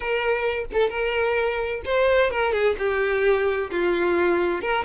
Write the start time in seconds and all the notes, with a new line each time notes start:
0.00 A#4
0.73 A4
0.89 A#4
1.85 C5
2.30 A#4
2.52 G#4
2.78 G4
3.70 F4
4.61 A#4